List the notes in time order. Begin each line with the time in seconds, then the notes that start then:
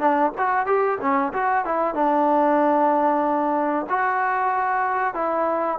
0.00 D4
0.38 F#4
0.67 G4
1.01 C#4
1.33 F#4
1.65 E4
1.95 D4
3.90 F#4
5.15 E4